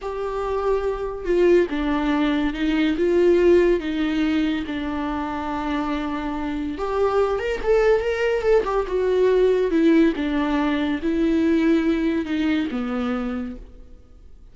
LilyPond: \new Staff \with { instrumentName = "viola" } { \time 4/4 \tempo 4 = 142 g'2. f'4 | d'2 dis'4 f'4~ | f'4 dis'2 d'4~ | d'1 |
g'4. ais'8 a'4 ais'4 | a'8 g'8 fis'2 e'4 | d'2 e'2~ | e'4 dis'4 b2 | }